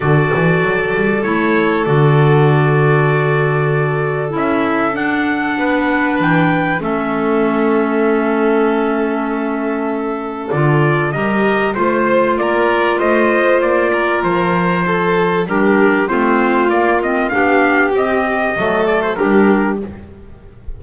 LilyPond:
<<
  \new Staff \with { instrumentName = "trumpet" } { \time 4/4 \tempo 4 = 97 d''2 cis''4 d''4~ | d''2. e''4 | fis''2 g''4 e''4~ | e''1~ |
e''4 d''4 dis''4 c''4 | d''4 dis''4 d''4 c''4~ | c''4 ais'4 c''4 d''8 dis''8 | f''4 dis''4. d''16 c''16 ais'4 | }
  \new Staff \with { instrumentName = "violin" } { \time 4/4 a'1~ | a'1~ | a'4 b'2 a'4~ | a'1~ |
a'2 ais'4 c''4 | ais'4 c''4. ais'4. | a'4 g'4 f'2 | g'2 a'4 g'4 | }
  \new Staff \with { instrumentName = "clarinet" } { \time 4/4 fis'2 e'4 fis'4~ | fis'2. e'4 | d'2. cis'4~ | cis'1~ |
cis'4 f'4 g'4 f'4~ | f'1~ | f'4 d'4 c'4 ais8 c'8 | d'4 c'4 a4 d'4 | }
  \new Staff \with { instrumentName = "double bass" } { \time 4/4 d8 e8 fis8 g8 a4 d4~ | d2. cis'4 | d'4 b4 e4 a4~ | a1~ |
a4 d4 g4 a4 | ais4 a4 ais4 f4~ | f4 g4 a4 ais4 | b4 c'4 fis4 g4 | }
>>